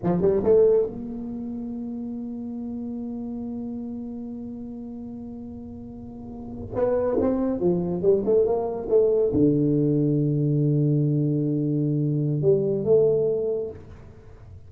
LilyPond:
\new Staff \with { instrumentName = "tuba" } { \time 4/4 \tempo 4 = 140 f8 g8 a4 ais2~ | ais1~ | ais1~ | ais2.~ ais8. b16~ |
b8. c'4 f4 g8 a8 ais16~ | ais8. a4 d2~ d16~ | d1~ | d4 g4 a2 | }